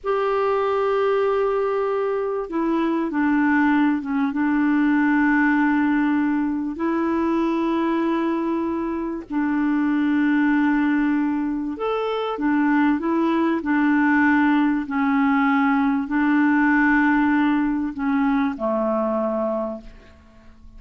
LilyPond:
\new Staff \with { instrumentName = "clarinet" } { \time 4/4 \tempo 4 = 97 g'1 | e'4 d'4. cis'8 d'4~ | d'2. e'4~ | e'2. d'4~ |
d'2. a'4 | d'4 e'4 d'2 | cis'2 d'2~ | d'4 cis'4 a2 | }